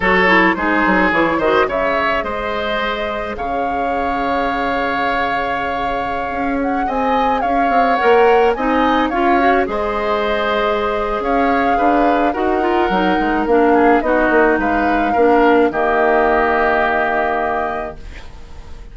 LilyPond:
<<
  \new Staff \with { instrumentName = "flute" } { \time 4/4 \tempo 4 = 107 cis''4 c''4 cis''8 dis''8 e''4 | dis''2 f''2~ | f''2.~ f''8. fis''16~ | fis''16 gis''4 f''4 fis''4 gis''8.~ |
gis''16 f''4 dis''2~ dis''8. | f''2 fis''2 | f''4 dis''4 f''2 | dis''1 | }
  \new Staff \with { instrumentName = "oboe" } { \time 4/4 a'4 gis'4. c''8 cis''4 | c''2 cis''2~ | cis''1~ | cis''16 dis''4 cis''2 dis''8.~ |
dis''16 cis''4 c''2~ c''8. | cis''4 b'4 ais'2~ | ais'8 gis'8 fis'4 b'4 ais'4 | g'1 | }
  \new Staff \with { instrumentName = "clarinet" } { \time 4/4 fis'8 e'8 dis'4 e'8 fis'8 gis'4~ | gis'1~ | gis'1~ | gis'2~ gis'16 ais'4 dis'8.~ |
dis'16 f'8 fis'8 gis'2~ gis'8.~ | gis'2 fis'8 f'8 dis'4 | d'4 dis'2 d'4 | ais1 | }
  \new Staff \with { instrumentName = "bassoon" } { \time 4/4 fis4 gis8 fis8 e8 dis8 cis4 | gis2 cis2~ | cis2.~ cis16 cis'8.~ | cis'16 c'4 cis'8 c'8 ais4 c'8.~ |
c'16 cis'4 gis2~ gis8. | cis'4 d'4 dis'4 fis8 gis8 | ais4 b8 ais8 gis4 ais4 | dis1 | }
>>